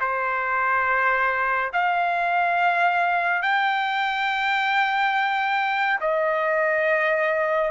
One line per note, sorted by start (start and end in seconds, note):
0.00 1.71 C5
1.73 3.42 F5
3.42 5.99 G5
6.00 7.71 D#5